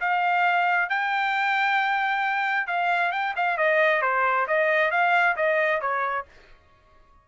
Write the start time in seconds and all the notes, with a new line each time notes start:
0.00 F5
0.89 G5
2.67 F5
3.12 G5
3.36 F5
3.57 D#5
4.02 C5
4.47 D#5
4.91 F5
5.36 D#5
5.81 C#5